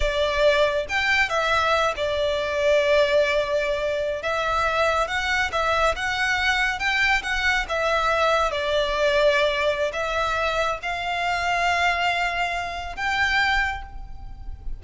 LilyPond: \new Staff \with { instrumentName = "violin" } { \time 4/4 \tempo 4 = 139 d''2 g''4 e''4~ | e''8 d''2.~ d''8~ | d''4.~ d''16 e''2 fis''16~ | fis''8. e''4 fis''2 g''16~ |
g''8. fis''4 e''2 d''16~ | d''2. e''4~ | e''4 f''2.~ | f''2 g''2 | }